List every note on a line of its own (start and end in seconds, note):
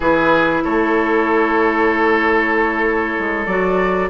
0.00 0.62 E3
0.00 3.48 E4
0.00 0.63 G#4
0.00 0.64 B4
0.63 3.18 A3
0.63 4.10 A4
0.63 3.46 C#5
3.18 3.46 G#3
3.46 4.09 F#3
3.46 4.10 F#4
3.46 4.09 D5